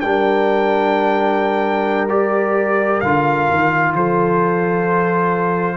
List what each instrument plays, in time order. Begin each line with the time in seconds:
0.00 tuba G3, trombone D4, horn A#4, trumpet G5
2.08 trombone G4, trumpet D5
3.00 tuba D3, trombone F4, trumpet F5
3.50 tuba D#3
3.93 tuba F3, horn A4, trumpet C5